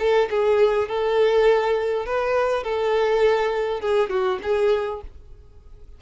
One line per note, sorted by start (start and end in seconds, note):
0.00 0.29 A4
0.31 0.89 G#4
0.89 2.06 A4
2.06 2.64 B4
2.64 3.81 A4
3.81 4.10 G#4
4.10 4.40 F#4
4.43 5.02 G#4